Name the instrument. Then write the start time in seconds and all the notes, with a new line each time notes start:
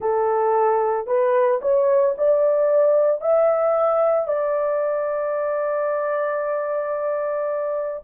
horn
0.00 A4
1.07 B4
1.61 C#5
2.17 D5
3.21 E5
4.27 D5